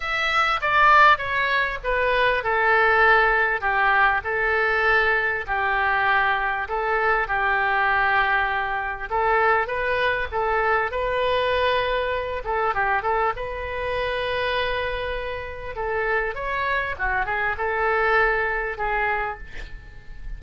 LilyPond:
\new Staff \with { instrumentName = "oboe" } { \time 4/4 \tempo 4 = 99 e''4 d''4 cis''4 b'4 | a'2 g'4 a'4~ | a'4 g'2 a'4 | g'2. a'4 |
b'4 a'4 b'2~ | b'8 a'8 g'8 a'8 b'2~ | b'2 a'4 cis''4 | fis'8 gis'8 a'2 gis'4 | }